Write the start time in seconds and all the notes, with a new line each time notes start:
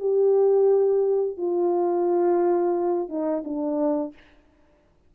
0.00 G4
1.38 F4
3.09 D#4
3.45 D4